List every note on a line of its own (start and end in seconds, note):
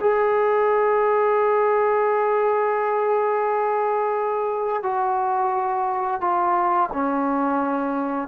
0.00 4.83 G#4
4.83 6.20 F#4
6.20 6.89 F4
6.92 8.28 C#4